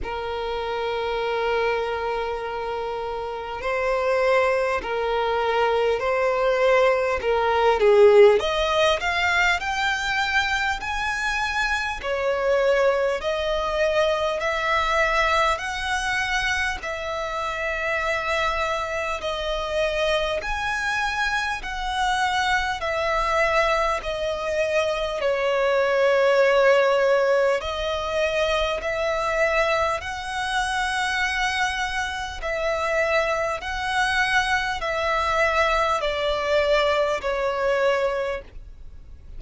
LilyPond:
\new Staff \with { instrumentName = "violin" } { \time 4/4 \tempo 4 = 50 ais'2. c''4 | ais'4 c''4 ais'8 gis'8 dis''8 f''8 | g''4 gis''4 cis''4 dis''4 | e''4 fis''4 e''2 |
dis''4 gis''4 fis''4 e''4 | dis''4 cis''2 dis''4 | e''4 fis''2 e''4 | fis''4 e''4 d''4 cis''4 | }